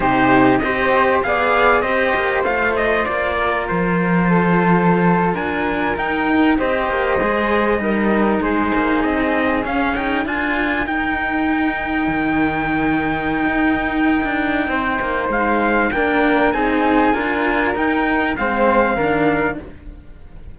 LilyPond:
<<
  \new Staff \with { instrumentName = "trumpet" } { \time 4/4 \tempo 4 = 98 c''4 dis''4 f''4 dis''4 | f''8 dis''8 d''4 c''2~ | c''8. gis''4 g''4 dis''4~ dis''16~ | dis''4.~ dis''16 c''4 dis''4 f''16~ |
f''16 g''8 gis''4 g''2~ g''16~ | g''1~ | g''4 f''4 g''4 gis''4~ | gis''4 g''4 f''2 | }
  \new Staff \with { instrumentName = "flute" } { \time 4/4 g'4 c''4 d''4 c''4~ | c''4. ais'4. a'4~ | a'8. ais'2 c''4~ c''16~ | c''8. ais'4 gis'2~ gis'16~ |
gis'8. ais'2.~ ais'16~ | ais'1 | c''2 ais'4 gis'4 | ais'2 c''4 ais'4 | }
  \new Staff \with { instrumentName = "cello" } { \time 4/4 dis'4 g'4 gis'4 g'4 | f'1~ | f'4.~ f'16 dis'4 g'4 gis'16~ | gis'8. dis'2. cis'16~ |
cis'16 dis'8 f'4 dis'2~ dis'16~ | dis'1~ | dis'2 d'4 dis'4 | f'4 dis'4 c'4 d'4 | }
  \new Staff \with { instrumentName = "cello" } { \time 4/4 c4 c'4 b4 c'8 ais8 | a4 ais4 f2~ | f8. d'4 dis'4 c'8 ais8 gis16~ | gis8. g4 gis8 ais8 c'4 cis'16~ |
cis'8. d'4 dis'2 dis16~ | dis2 dis'4~ dis'16 d'8. | c'8 ais8 gis4 ais4 c'4 | d'4 dis'4 gis4 dis4 | }
>>